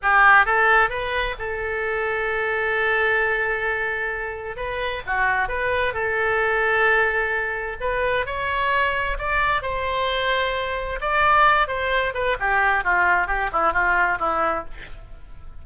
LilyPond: \new Staff \with { instrumentName = "oboe" } { \time 4/4 \tempo 4 = 131 g'4 a'4 b'4 a'4~ | a'1~ | a'2 b'4 fis'4 | b'4 a'2.~ |
a'4 b'4 cis''2 | d''4 c''2. | d''4. c''4 b'8 g'4 | f'4 g'8 e'8 f'4 e'4 | }